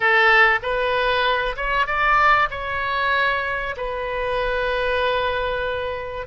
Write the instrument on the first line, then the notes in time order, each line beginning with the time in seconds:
oboe
0.00 A4
0.62 B4
1.56 C#5
1.86 D5
2.50 C#5
3.76 B4